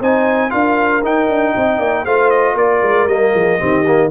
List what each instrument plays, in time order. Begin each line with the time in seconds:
0.00 tuba C4, trombone D#4, horn C5, trumpet G#5
0.49 tuba D4, trombone F4, horn A#4, trumpet F5
1.02 tuba D#4, trombone D#4, trumpet G5
1.28 tuba D4
1.56 tuba C4, horn D#5
1.78 tuba A#3, horn D5
2.04 tuba A3, trombone F4, horn C5, trumpet F5
2.30 trumpet D#5
2.54 tuba A#3, horn A#4, trumpet D5
2.82 tuba G#3
3.06 tuba G3, trombone A#3, trumpet D#5
3.33 tuba F3, horn G#4
3.58 tuba D#3, trombone C4, horn G4
3.86 trombone A#3